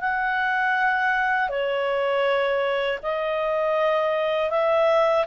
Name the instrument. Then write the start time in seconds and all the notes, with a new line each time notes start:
clarinet
0.00 F#5
1.49 C#5
3.02 D#5
4.50 E5